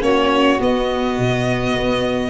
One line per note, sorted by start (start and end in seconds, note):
0.00 0.59 A#3
0.00 0.58 C#4
0.00 2.29 F#4
0.00 0.60 C#5
0.59 2.29 B3
0.59 1.18 B3
0.59 2.29 D#5
1.18 1.75 B2
1.75 2.29 B3